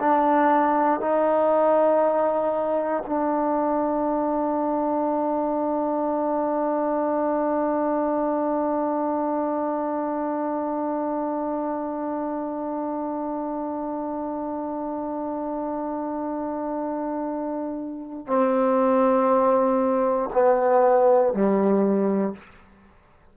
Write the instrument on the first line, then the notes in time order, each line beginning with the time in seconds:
trombone
0.00 D4
1.00 D#4
3.06 D4
18.27 C4
20.34 B3
21.34 G3